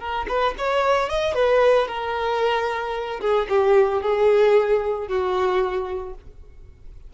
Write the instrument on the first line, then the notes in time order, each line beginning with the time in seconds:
violin
0.00 A#4
0.29 B4
0.58 C#5
1.10 D#5
1.35 B4
1.88 A#4
3.21 G#4
3.50 G4
4.02 G#4
5.09 F#4